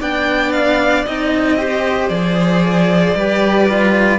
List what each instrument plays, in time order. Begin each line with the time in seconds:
0.00 cello B3 D4, violin D5 G5
0.53 violin F5
1.06 cello C4 D#4, violin D#5
1.58 cello G4, violin C5
2.09 cello F3 G#4, violin D5
3.14 cello G3 G4, violin B4
3.69 cello F4